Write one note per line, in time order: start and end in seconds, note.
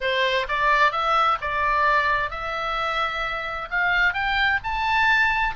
0.00 0.46 C5
0.48 0.91 D5
0.91 1.38 E5
1.41 2.30 D5
2.30 3.68 E5
3.70 4.13 F5
4.13 4.59 G5
4.63 5.55 A5